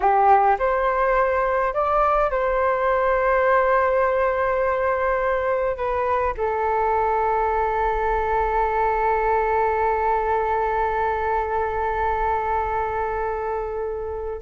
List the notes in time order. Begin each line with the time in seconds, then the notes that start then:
0.00 G4
0.58 C5
1.73 D5
2.31 C5
5.76 B4
6.37 A4